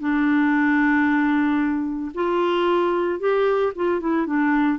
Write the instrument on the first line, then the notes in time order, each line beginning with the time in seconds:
clarinet
0.00 D4
2.15 F4
3.20 G4
3.76 F4
4.00 E4
4.26 D4